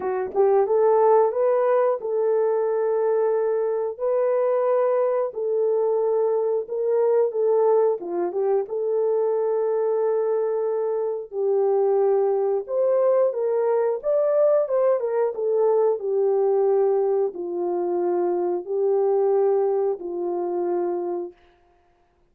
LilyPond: \new Staff \with { instrumentName = "horn" } { \time 4/4 \tempo 4 = 90 fis'8 g'8 a'4 b'4 a'4~ | a'2 b'2 | a'2 ais'4 a'4 | f'8 g'8 a'2.~ |
a'4 g'2 c''4 | ais'4 d''4 c''8 ais'8 a'4 | g'2 f'2 | g'2 f'2 | }